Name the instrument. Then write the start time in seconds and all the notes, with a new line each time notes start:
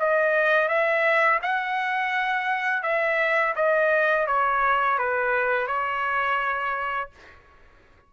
trumpet
0.00 D#5
0.69 E5
1.43 F#5
2.83 E5
3.56 D#5
4.27 C#5
4.98 B4
5.68 C#5